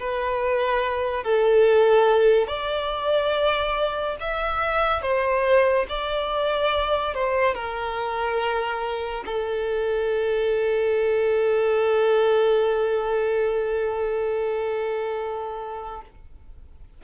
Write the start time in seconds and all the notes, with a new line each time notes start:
0.00 B4
1.24 A4
2.48 D5
4.20 E5
5.02 C5
5.89 D5
7.14 C5
7.55 A#4
9.26 A4